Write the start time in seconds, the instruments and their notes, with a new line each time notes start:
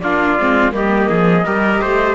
0.00 cello A#3, viola D4, trumpet F4, flute D5
0.39 cello G#3, viola C4
0.71 cello G3, viola A#3, trumpet G4, flute D#5
1.09 cello F3, trumpet G#4
1.45 cello G3, viola G4, trumpet A#4
1.82 cello A3, trumpet C5